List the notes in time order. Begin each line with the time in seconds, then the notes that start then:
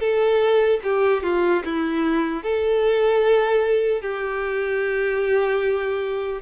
0.00 A4
0.84 G4
1.23 F4
1.65 E4
2.43 A4
4.01 G4